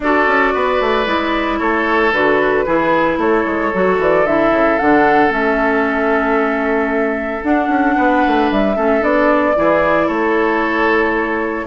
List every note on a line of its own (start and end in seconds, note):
0.00 0.26 D4
0.00 1.06 F#4
0.00 0.53 A4
0.00 1.58 D5
0.26 0.53 C#4
0.53 0.80 B3
0.53 1.58 B4
0.80 1.06 A3
1.06 1.59 G#3
1.06 2.12 E4
1.58 2.12 A3
1.58 2.64 A4
1.58 2.11 C#5
2.12 2.66 D3
2.12 2.66 F#4
2.12 3.18 B4
2.65 3.17 E3
2.65 3.72 E4
2.65 3.19 G#4
3.17 3.44 A3
3.17 7.96 A4
3.17 4.00 C#5
3.45 3.72 G#3
3.73 3.98 F#3
3.73 4.26 F#4
3.98 4.24 E3
3.98 4.26 D5
4.24 4.51 D3
4.24 4.79 E4
4.24 4.79 E5
4.51 4.77 C#3
4.79 5.30 D3
4.79 5.28 D4
4.79 5.32 F#5
5.28 7.42 A3
5.28 7.41 C#4
5.28 7.44 E5
7.43 7.68 D4
7.43 8.75 D4
7.43 8.50 F#5
7.68 7.94 C#4
7.96 8.24 B3
7.96 8.75 B4
8.26 8.51 A3
8.51 8.76 G3
8.51 9.03 E5
8.75 9.02 A3
8.75 9.00 C#4
8.75 9.55 A4
9.00 9.55 B3
9.00 9.53 D4
9.00 10.08 D5
9.55 10.08 E3
9.55 11.66 E4
9.55 10.06 G#4
10.06 11.66 A3
10.06 11.66 A4
10.06 11.66 C#5